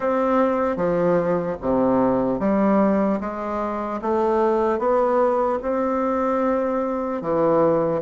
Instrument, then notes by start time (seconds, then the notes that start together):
bassoon
0.00 C4
0.76 F3
1.61 C3
2.39 G3
3.20 G#3
4.01 A3
4.79 B3
5.62 C4
7.21 E3